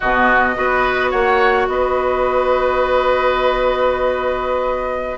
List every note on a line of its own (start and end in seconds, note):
0.00 0.57 B2
0.00 0.54 B3
0.00 0.55 F#4
0.00 1.10 D#5
0.54 1.13 B3
0.54 5.16 F#4
0.54 1.10 B4
1.10 1.67 A#3
1.10 1.66 C#5
1.10 1.66 F#5
1.67 5.17 B3
1.67 5.17 B4
1.67 5.17 D#5